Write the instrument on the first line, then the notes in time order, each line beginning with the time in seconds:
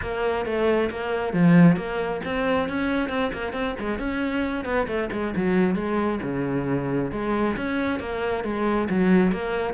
cello
0.01 A#3
0.45 A3
0.90 A#3
1.33 F3
1.76 A#3
2.24 C4
2.68 C#4
3.09 C4
3.33 A#3
3.53 C4
3.79 G#3
3.99 C#4
4.64 B3
4.87 A3
5.12 G#3
5.36 F#3
5.75 G#3
6.22 C#3
7.11 G#3
7.56 C#4
7.99 A#3
8.43 G#3
8.89 F#3
9.32 A#3